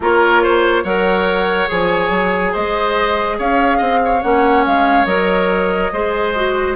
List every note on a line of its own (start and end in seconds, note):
0.00 0.83 A#3
0.00 0.85 F4
0.00 0.42 A#4
0.00 0.84 C#5
0.42 0.83 C5
0.83 1.68 F#3
0.83 1.67 A#4
0.83 2.52 C#5
0.83 1.68 F#5
1.67 2.10 F3
1.67 4.21 G#4
1.67 2.54 G#5
2.10 2.52 F#3
2.52 3.39 G#3
2.52 3.36 C5
2.52 3.38 D#5
3.38 3.80 C#4
3.38 3.77 C#5
3.38 4.22 F5
3.77 4.22 C4
3.77 3.98 D#5
4.04 5.92 C#5
4.22 4.66 A#3
4.22 5.07 C#4
4.22 4.64 F#5
4.66 5.05 G#3
4.66 5.05 F5
5.05 5.90 F#3
5.05 5.91 A#4
5.05 6.74 D#5
5.92 6.75 G#3
5.92 6.35 G#4
5.92 6.75 C5
6.35 6.75 F#4